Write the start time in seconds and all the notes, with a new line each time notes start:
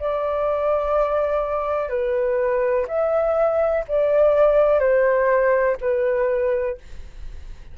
0.00 D5
1.89 B4
2.88 E5
3.88 D5
4.79 C5
5.81 B4